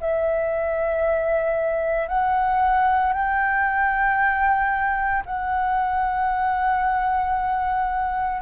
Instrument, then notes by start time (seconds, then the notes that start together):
flute
0.00 E5
2.08 F#5
3.12 G5
5.25 F#5